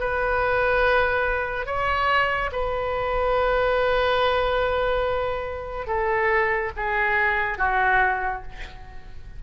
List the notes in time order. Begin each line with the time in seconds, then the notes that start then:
0.00 B4
1.67 C#5
2.52 B4
5.87 A4
6.77 G#4
7.59 F#4